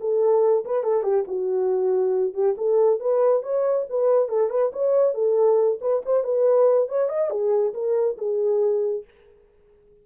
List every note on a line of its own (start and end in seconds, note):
0.00 0.65 A4
0.65 0.83 B4
0.83 1.03 A4
1.03 1.25 G4
1.28 2.34 F#4
2.34 2.55 G4
2.57 3.00 A4
3.00 3.43 B4
3.43 3.86 C#5
3.89 4.29 B4
4.29 4.50 A4
4.50 4.71 B4
4.72 5.14 C#5
5.14 5.79 A4
5.81 6.03 B4
6.05 6.24 C5
6.24 6.88 B4
6.89 7.09 C#5
7.09 7.30 D#5
7.30 7.73 G#4
7.74 8.17 A#4
8.18 9.04 G#4